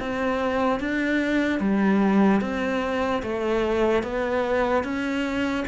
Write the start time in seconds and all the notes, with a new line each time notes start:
0.00 C4
0.80 D4
1.60 G3
2.41 C4
3.23 A3
4.03 B3
4.84 C#4